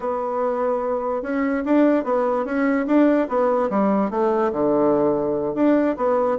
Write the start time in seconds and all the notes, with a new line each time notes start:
0.00 B3
1.22 C#4
1.65 D4
2.03 B3
2.45 C#4
2.87 D4
3.28 B3
3.70 G3
4.10 A3
4.52 D3
5.54 D4
5.96 B3